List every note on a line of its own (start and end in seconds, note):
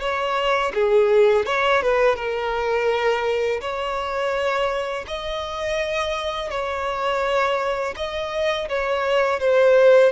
0.00 0.72 C#5
0.74 1.46 G#4
1.46 1.82 C#5
1.82 2.16 B4
2.16 3.60 A#4
3.61 5.05 C#5
5.07 6.50 D#5
6.50 7.95 C#5
7.96 8.68 D#5
8.68 9.40 C#5
9.40 10.12 C5